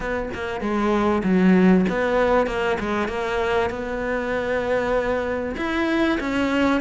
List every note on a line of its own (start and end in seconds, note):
0.00 0.29 B3
0.33 0.60 A#3
0.60 1.22 G#3
1.23 1.85 F#3
1.89 2.47 B3
2.47 2.78 A#3
2.79 3.08 G#3
3.08 3.69 A#3
3.70 5.55 B3
5.57 6.19 E4
6.20 6.80 C#4